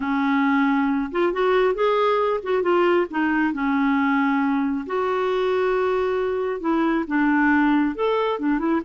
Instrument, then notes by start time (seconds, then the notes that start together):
clarinet
0.00 C#4
1.11 F4
1.32 F#4
1.74 G#4
2.43 F#4
2.62 F4
3.10 D#4
3.53 C#4
4.86 F#4
6.60 E4
7.07 D4
7.95 A4
8.39 D4
8.58 E4